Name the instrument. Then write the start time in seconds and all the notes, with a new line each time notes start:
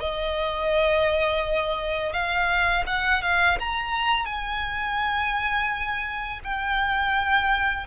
violin
0.00 D#5
2.13 F5
2.87 F#5
3.22 F5
3.60 A#5
4.26 G#5
6.44 G5